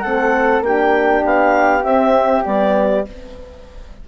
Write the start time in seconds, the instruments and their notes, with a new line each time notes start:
0.00 bassoon A3, horn C4, flute A4, clarinet F#5
0.60 bassoon A#3, horn D4, flute G4, clarinet G5
1.24 bassoon B3, clarinet F5
1.82 horn C4, bassoon C4, clarinet E5
2.44 bassoon G3, horn B3, clarinet D5